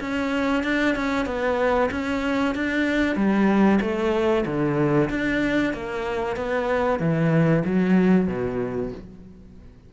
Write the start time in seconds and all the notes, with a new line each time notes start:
0.00 C#4
0.63 D4
0.95 C#4
1.26 B3
1.91 C#4
2.55 D4
3.16 G3
3.81 A3
4.46 D3
5.10 D4
5.73 A#3
6.36 B3
6.99 E3
7.65 F#3
8.28 B2